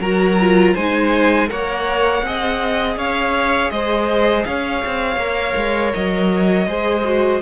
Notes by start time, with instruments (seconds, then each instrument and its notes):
0.00 cello F#3, viola F#4, violin A#4 A#5
0.41 viola F4
0.74 cello G#3, viola D#4, violin C5 G#5
1.48 cello A#3, viola A#4, violin C#5 F#5
2.23 cello C4, viola G#4, violin D#5
2.96 cello C#4, violin C#5 F5
3.70 cello G#3, violin C5 D#5
4.44 cello C#4, violin C#5 F5
4.86 cello C4
5.16 cello A#3, viola A#4
5.56 cello G#3
5.94 cello F#3, violin D#5
6.67 cello G#3, viola G#4, violin C5
7.05 viola F#4